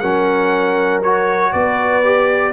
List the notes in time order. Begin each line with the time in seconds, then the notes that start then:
0.00 F#3 C#4 A#4 F#5
1.03 F#4 C#5
1.53 B3 B4 D5
2.04 G4